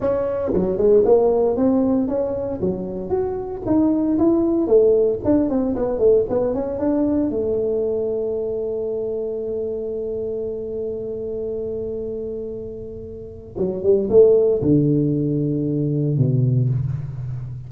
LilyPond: \new Staff \with { instrumentName = "tuba" } { \time 4/4 \tempo 4 = 115 cis'4 fis8 gis8 ais4 c'4 | cis'4 fis4 fis'4 dis'4 | e'4 a4 d'8 c'8 b8 a8 | b8 cis'8 d'4 a2~ |
a1~ | a1~ | a2 fis8 g8 a4 | d2. b,4 | }